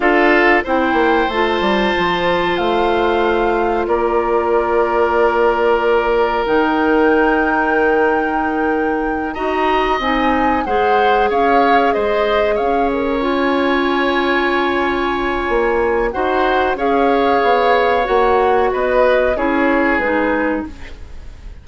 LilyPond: <<
  \new Staff \with { instrumentName = "flute" } { \time 4/4 \tempo 4 = 93 f''4 g''4 a''2 | f''2 d''2~ | d''2 g''2~ | g''2~ g''8 ais''4 gis''8~ |
gis''8 fis''4 f''4 dis''4 f''8 | ais'8 gis''2.~ gis''8~ | gis''4 fis''4 f''2 | fis''4 dis''4 cis''4 b'4 | }
  \new Staff \with { instrumentName = "oboe" } { \time 4/4 a'4 c''2.~ | c''2 ais'2~ | ais'1~ | ais'2~ ais'8 dis''4.~ |
dis''8 c''4 cis''4 c''4 cis''8~ | cis''1~ | cis''4 c''4 cis''2~ | cis''4 b'4 gis'2 | }
  \new Staff \with { instrumentName = "clarinet" } { \time 4/4 f'4 e'4 f'2~ | f'1~ | f'2 dis'2~ | dis'2~ dis'8 fis'4 dis'8~ |
dis'8 gis'2.~ gis'8~ | gis'8 f'2.~ f'8~ | f'4 fis'4 gis'2 | fis'2 e'4 dis'4 | }
  \new Staff \with { instrumentName = "bassoon" } { \time 4/4 d'4 c'8 ais8 a8 g8 f4 | a2 ais2~ | ais2 dis2~ | dis2~ dis8 dis'4 c'8~ |
c'8 gis4 cis'4 gis4 cis'8~ | cis'1 | ais4 dis'4 cis'4 b4 | ais4 b4 cis'4 gis4 | }
>>